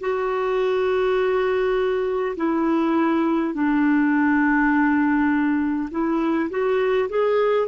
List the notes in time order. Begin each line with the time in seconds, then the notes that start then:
0.00 F#4
2.36 E4
3.54 D4
5.91 E4
6.50 F#4
7.09 G#4